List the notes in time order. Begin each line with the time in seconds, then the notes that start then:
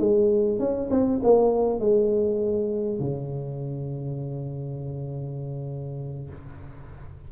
0.00 G#3
0.60 C#4
0.91 C4
1.24 A#3
1.80 G#3
3.00 C#3